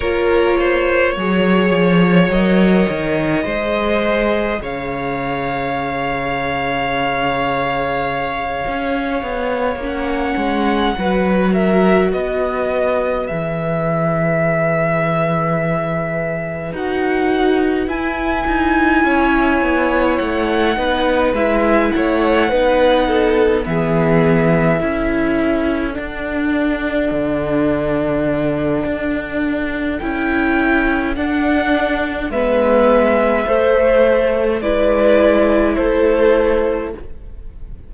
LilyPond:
<<
  \new Staff \with { instrumentName = "violin" } { \time 4/4 \tempo 4 = 52 cis''2 dis''2 | f''1~ | f''8 fis''4. e''8 dis''4 e''8~ | e''2~ e''8 fis''4 gis''8~ |
gis''4. fis''4 e''8 fis''4~ | fis''8 e''2 fis''4.~ | fis''2 g''4 fis''4 | e''2 d''4 c''4 | }
  \new Staff \with { instrumentName = "violin" } { \time 4/4 ais'8 c''8 cis''2 c''4 | cis''1~ | cis''4. b'8 ais'8 b'4.~ | b'1~ |
b'8 cis''4. b'4 cis''8 b'8 | a'8 gis'4 a'2~ a'8~ | a'1 | b'4 c''4 b'4 a'4 | }
  \new Staff \with { instrumentName = "viola" } { \time 4/4 f'4 gis'4 ais'4 gis'4~ | gis'1~ | gis'8 cis'4 fis'2 gis'8~ | gis'2~ gis'8 fis'4 e'8~ |
e'2 dis'8 e'4 dis'8~ | dis'8 b4 e'4 d'4.~ | d'2 e'4 d'4 | b4 a4 e'2 | }
  \new Staff \with { instrumentName = "cello" } { \time 4/4 ais4 fis8 f8 fis8 dis8 gis4 | cis2.~ cis8 cis'8 | b8 ais8 gis8 fis4 b4 e8~ | e2~ e8 dis'4 e'8 |
dis'8 cis'8 b8 a8 b8 gis8 a8 b8~ | b8 e4 cis'4 d'4 d8~ | d4 d'4 cis'4 d'4 | gis4 a4 gis4 a4 | }
>>